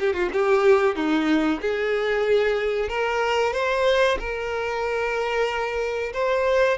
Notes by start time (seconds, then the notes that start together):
0.00 G4
0.13 F4
0.33 G4
0.96 D#4
1.61 G#4
2.89 A#4
3.54 C5
4.20 A#4
6.14 C5